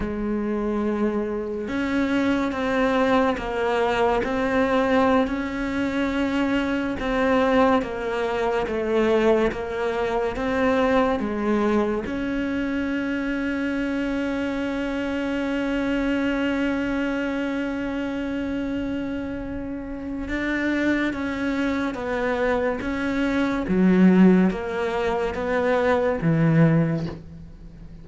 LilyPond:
\new Staff \with { instrumentName = "cello" } { \time 4/4 \tempo 4 = 71 gis2 cis'4 c'4 | ais4 c'4~ c'16 cis'4.~ cis'16~ | cis'16 c'4 ais4 a4 ais8.~ | ais16 c'4 gis4 cis'4.~ cis'16~ |
cis'1~ | cis'1 | d'4 cis'4 b4 cis'4 | fis4 ais4 b4 e4 | }